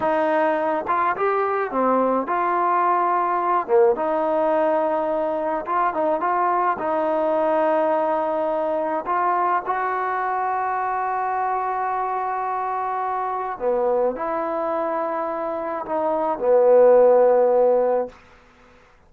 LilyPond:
\new Staff \with { instrumentName = "trombone" } { \time 4/4 \tempo 4 = 106 dis'4. f'8 g'4 c'4 | f'2~ f'8 ais8 dis'4~ | dis'2 f'8 dis'8 f'4 | dis'1 |
f'4 fis'2.~ | fis'1 | b4 e'2. | dis'4 b2. | }